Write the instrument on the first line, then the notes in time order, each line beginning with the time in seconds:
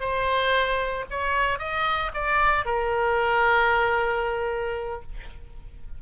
oboe
0.00 C5
1.11 C#5
1.59 D#5
2.14 D5
2.65 A#4